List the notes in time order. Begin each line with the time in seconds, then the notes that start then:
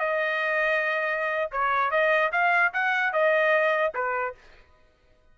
0.00 D#5
1.52 C#5
1.91 D#5
2.32 F5
2.74 F#5
3.13 D#5
3.95 B4